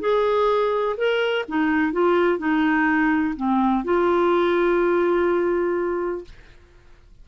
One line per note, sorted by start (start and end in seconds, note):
0.00 0.96 G#4
0.97 1.45 A#4
1.48 1.92 D#4
1.92 2.38 F4
2.38 3.34 D#4
3.36 3.84 C4
3.84 6.24 F4